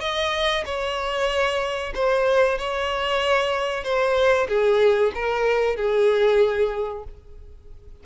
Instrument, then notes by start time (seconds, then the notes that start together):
violin
0.00 D#5
0.65 C#5
1.94 C5
2.58 C#5
3.83 C5
4.48 G#4
5.14 A#4
5.76 G#4